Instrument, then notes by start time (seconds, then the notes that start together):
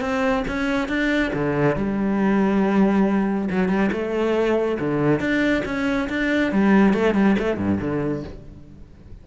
cello
0.00 C4
0.47 C#4
0.88 D4
1.33 D3
1.76 G3
3.50 F#3
3.68 G3
3.91 A3
4.79 D3
5.19 D4
5.65 C#4
6.09 D4
6.52 G3
6.93 A3
7.14 G3
7.38 A3
7.57 G2
7.80 D3